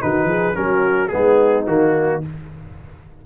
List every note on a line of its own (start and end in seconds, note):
0.00 0.23 D#3
0.00 0.54 D#4
0.00 0.28 F#4
0.00 0.56 B4
0.23 0.51 F3
0.23 0.55 G#4
0.54 1.12 F#3
0.54 1.09 C#4
0.54 1.14 F#4
0.54 1.08 A#4
1.08 1.67 G#3
1.08 1.66 B3
1.08 1.64 G#4
1.14 2.25 D#4
1.66 2.22 D#3
1.66 2.22 A#3
1.66 2.22 F#4